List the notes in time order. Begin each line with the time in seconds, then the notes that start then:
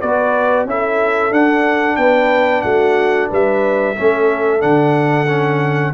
0.00 B3 F#4 B4 D5
0.65 C#4 E4 A4 E5
1.30 D4 F#5
1.96 B3 B4 G5
2.61 A3 F#4 F#5
3.28 G3 B4 E5
3.96 A3 C#4 A4
4.59 D3 D4 F#5
5.28 C#4